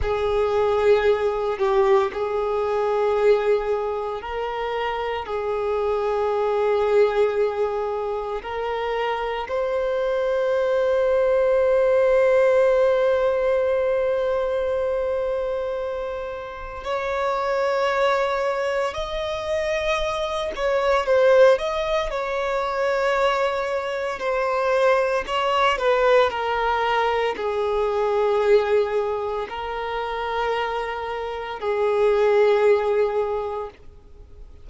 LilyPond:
\new Staff \with { instrumentName = "violin" } { \time 4/4 \tempo 4 = 57 gis'4. g'8 gis'2 | ais'4 gis'2. | ais'4 c''2.~ | c''1 |
cis''2 dis''4. cis''8 | c''8 dis''8 cis''2 c''4 | cis''8 b'8 ais'4 gis'2 | ais'2 gis'2 | }